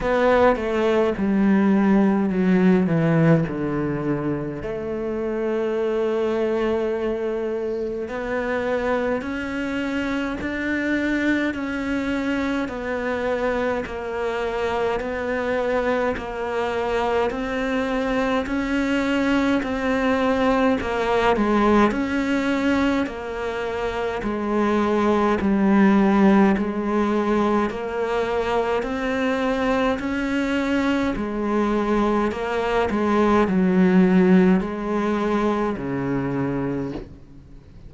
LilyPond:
\new Staff \with { instrumentName = "cello" } { \time 4/4 \tempo 4 = 52 b8 a8 g4 fis8 e8 d4 | a2. b4 | cis'4 d'4 cis'4 b4 | ais4 b4 ais4 c'4 |
cis'4 c'4 ais8 gis8 cis'4 | ais4 gis4 g4 gis4 | ais4 c'4 cis'4 gis4 | ais8 gis8 fis4 gis4 cis4 | }